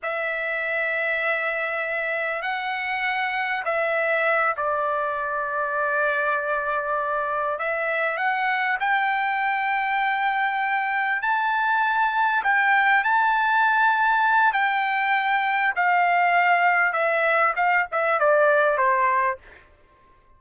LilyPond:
\new Staff \with { instrumentName = "trumpet" } { \time 4/4 \tempo 4 = 99 e''1 | fis''2 e''4. d''8~ | d''1~ | d''8 e''4 fis''4 g''4.~ |
g''2~ g''8 a''4.~ | a''8 g''4 a''2~ a''8 | g''2 f''2 | e''4 f''8 e''8 d''4 c''4 | }